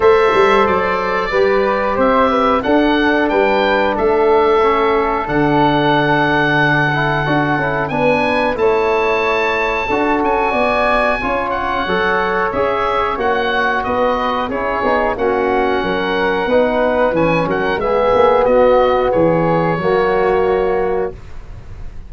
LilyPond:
<<
  \new Staff \with { instrumentName = "oboe" } { \time 4/4 \tempo 4 = 91 e''4 d''2 e''4 | fis''4 g''4 e''2 | fis''1 | gis''4 a''2~ a''8 gis''8~ |
gis''4. fis''4. e''4 | fis''4 dis''4 cis''4 fis''4~ | fis''2 gis''8 fis''8 e''4 | dis''4 cis''2. | }
  \new Staff \with { instrumentName = "flute" } { \time 4/4 c''2 b'4 c''8 b'8 | a'4 b'4 a'2~ | a'1 | b'4 cis''2 a'4 |
d''4 cis''2.~ | cis''4 b'4 gis'4 fis'4 | ais'4 b'4. ais'8 gis'4 | fis'4 gis'4 fis'2 | }
  \new Staff \with { instrumentName = "trombone" } { \time 4/4 a'2 g'2 | d'2. cis'4 | d'2~ d'8 e'8 fis'8 e'8 | d'4 e'2 fis'4~ |
fis'4 f'4 a'4 gis'4 | fis'2 e'8 dis'8 cis'4~ | cis'4 dis'4 cis'4 b4~ | b2 ais2 | }
  \new Staff \with { instrumentName = "tuba" } { \time 4/4 a8 g8 fis4 g4 c'4 | d'4 g4 a2 | d2. d'8 cis'8 | b4 a2 d'8 cis'8 |
b4 cis'4 fis4 cis'4 | ais4 b4 cis'8 b8 ais4 | fis4 b4 e8 fis8 gis8 ais8 | b4 e4 fis2 | }
>>